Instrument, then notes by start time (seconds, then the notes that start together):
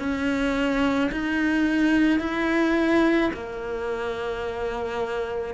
cello
0.00 C#4
1.12 D#4
2.20 E4
3.34 A#3